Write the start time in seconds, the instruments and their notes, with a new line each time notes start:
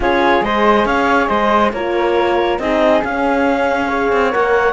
0.00 cello C#4, horn F4, flute G#4, clarinet C#5
0.42 cello G#3, horn G#4, flute C5, clarinet D#5
0.85 cello C#4, flute C#5, clarinet F5
1.27 cello G#3, flute C5, clarinet D#5
1.72 cello A#3, horn F4, flute A#4, clarinet C#5
2.58 cello C4, horn D#4, flute G#4, clarinet D#5
3.01 horn C#4, cello C#4, clarinet F5
3.87 horn G#4, flute C#5
4.12 cello C4
4.31 cello A#3, horn A#4, clarinet F#5